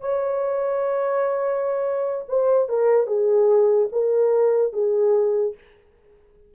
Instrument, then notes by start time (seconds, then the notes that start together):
horn
0.00 C#5
2.28 C5
2.68 A#4
3.06 G#4
3.92 A#4
4.73 G#4